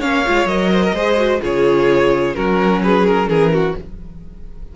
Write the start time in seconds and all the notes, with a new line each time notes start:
0.00 A#3 C#4 C#5 F5
0.25 G#3 F4
0.46 F#3 A#4 D#5
0.72 C5
0.84 A#4
0.94 G#3 G#4 C5
1.17 F#4
1.41 C#3 F4 G#4 C#5
2.35 F#3 C#4 F#4 A#4
2.83 G#4 B4
3.07 A#4
3.28 E3 G#4 A#4
3.53 F#4